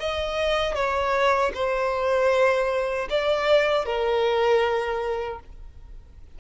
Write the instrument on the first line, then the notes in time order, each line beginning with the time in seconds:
violin
0.00 D#5
0.75 C#5
1.55 C5
3.10 D5
3.86 A#4